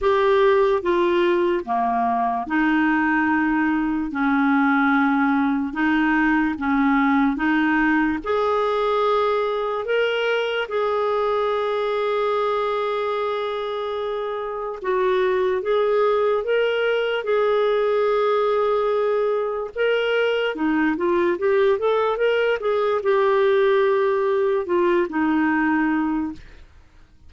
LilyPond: \new Staff \with { instrumentName = "clarinet" } { \time 4/4 \tempo 4 = 73 g'4 f'4 ais4 dis'4~ | dis'4 cis'2 dis'4 | cis'4 dis'4 gis'2 | ais'4 gis'2.~ |
gis'2 fis'4 gis'4 | ais'4 gis'2. | ais'4 dis'8 f'8 g'8 a'8 ais'8 gis'8 | g'2 f'8 dis'4. | }